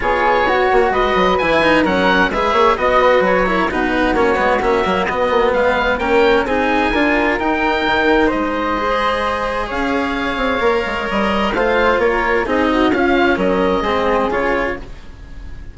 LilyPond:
<<
  \new Staff \with { instrumentName = "oboe" } { \time 4/4 \tempo 4 = 130 cis''2 dis''4 gis''4 | fis''4 e''4 dis''4 cis''4 | b'4 cis''4 e''4 dis''4 | f''4 g''4 gis''2 |
g''2 dis''2~ | dis''4 f''2. | dis''4 f''4 cis''4 dis''4 | f''4 dis''2 cis''4 | }
  \new Staff \with { instrumentName = "flute" } { \time 4/4 gis'4 fis'4 b'2 | ais'4 b'8 cis''8 dis''8 b'4 ais'8 | fis'1 | b'4 ais'4 gis'4 ais'4~ |
ais'2 c''2~ | c''4 cis''2.~ | cis''4 c''4 ais'4 gis'8 fis'8 | f'4 ais'4 gis'2 | }
  \new Staff \with { instrumentName = "cello" } { \time 4/4 f'4 fis'2 e'8 dis'8 | cis'4 gis'4 fis'4. e'8 | dis'4 cis'8 b8 cis'8 ais8 b4~ | b4 cis'4 dis'4 f'4 |
dis'2. gis'4~ | gis'2. ais'4~ | ais'4 f'2 dis'4 | cis'2 c'4 f'4 | }
  \new Staff \with { instrumentName = "bassoon" } { \time 4/4 b4. ais8 gis8 fis8 e4 | fis4 gis8 ais8 b4 fis4 | b,4 ais8 gis8 ais8 fis8 b8 ais8 | gis4 ais4 c'4 d'4 |
dis'4 dis4 gis2~ | gis4 cis'4. c'8 ais8 gis8 | g4 a4 ais4 c'4 | cis'4 fis4 gis4 cis4 | }
>>